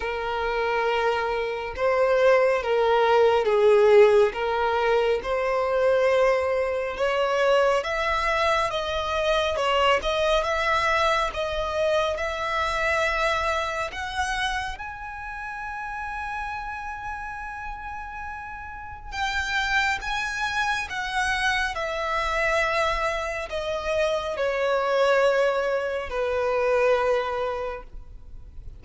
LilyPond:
\new Staff \with { instrumentName = "violin" } { \time 4/4 \tempo 4 = 69 ais'2 c''4 ais'4 | gis'4 ais'4 c''2 | cis''4 e''4 dis''4 cis''8 dis''8 | e''4 dis''4 e''2 |
fis''4 gis''2.~ | gis''2 g''4 gis''4 | fis''4 e''2 dis''4 | cis''2 b'2 | }